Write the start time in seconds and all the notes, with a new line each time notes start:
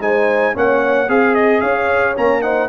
0.00 G#3 D#4 C5 G#5
0.54 A#3 C#4 C#5 F#5
1.09 C4 G#4 F5
1.35 D#5
1.61 C#4 C#5 F5
2.15 A#3 C#4 A#5
2.42 D#4 C5 F#5